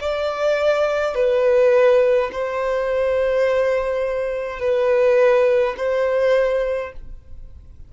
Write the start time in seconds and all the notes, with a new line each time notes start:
0.00 D5
1.14 B4
2.32 C5
4.59 B4
5.77 C5